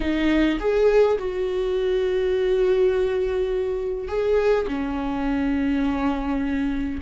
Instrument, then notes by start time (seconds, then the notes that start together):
viola
0.00 D#4
0.59 G#4
1.18 F#4
4.08 G#4
4.67 C#4